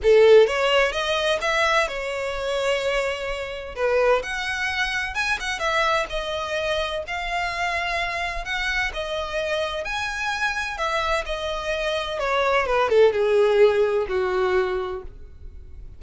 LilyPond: \new Staff \with { instrumentName = "violin" } { \time 4/4 \tempo 4 = 128 a'4 cis''4 dis''4 e''4 | cis''1 | b'4 fis''2 gis''8 fis''8 | e''4 dis''2 f''4~ |
f''2 fis''4 dis''4~ | dis''4 gis''2 e''4 | dis''2 cis''4 b'8 a'8 | gis'2 fis'2 | }